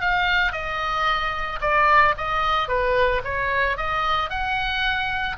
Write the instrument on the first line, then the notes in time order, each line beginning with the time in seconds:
oboe
0.00 F5
0.52 D#5
1.60 D5
2.17 D#5
2.68 B4
3.24 C#5
3.77 D#5
4.29 F#5